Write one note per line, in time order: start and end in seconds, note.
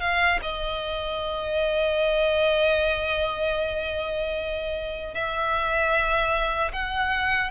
0.00 0.39 F5
0.42 5.14 D#5
5.14 6.72 E5
6.72 7.50 F#5